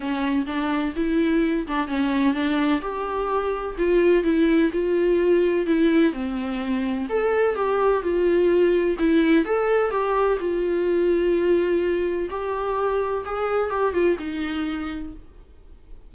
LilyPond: \new Staff \with { instrumentName = "viola" } { \time 4/4 \tempo 4 = 127 cis'4 d'4 e'4. d'8 | cis'4 d'4 g'2 | f'4 e'4 f'2 | e'4 c'2 a'4 |
g'4 f'2 e'4 | a'4 g'4 f'2~ | f'2 g'2 | gis'4 g'8 f'8 dis'2 | }